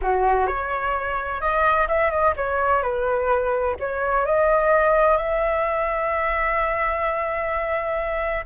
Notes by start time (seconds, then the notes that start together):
0.01 F#4
0.46 C#5
1.40 D#5
1.87 E5
2.10 D#5
2.36 C#5
2.82 B4
3.79 C#5
4.25 D#5
5.17 E5